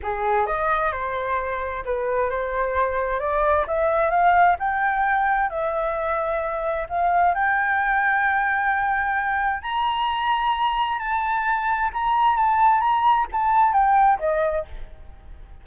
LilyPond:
\new Staff \with { instrumentName = "flute" } { \time 4/4 \tempo 4 = 131 gis'4 dis''4 c''2 | b'4 c''2 d''4 | e''4 f''4 g''2 | e''2. f''4 |
g''1~ | g''4 ais''2. | a''2 ais''4 a''4 | ais''4 a''4 g''4 dis''4 | }